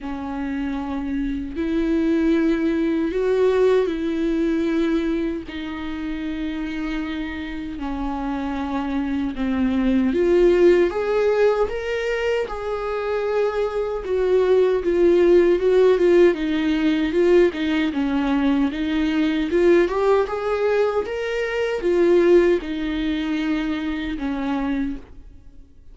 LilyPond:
\new Staff \with { instrumentName = "viola" } { \time 4/4 \tempo 4 = 77 cis'2 e'2 | fis'4 e'2 dis'4~ | dis'2 cis'2 | c'4 f'4 gis'4 ais'4 |
gis'2 fis'4 f'4 | fis'8 f'8 dis'4 f'8 dis'8 cis'4 | dis'4 f'8 g'8 gis'4 ais'4 | f'4 dis'2 cis'4 | }